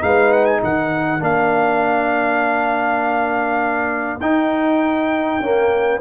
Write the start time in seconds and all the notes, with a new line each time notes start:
0.00 G#3 D#4 B4 F5
0.33 F#5
0.45 G#5
0.61 D#3 A#4 F#5
1.20 A#3 D4 F5
4.20 D#4 G5
5.40 A#3 C#4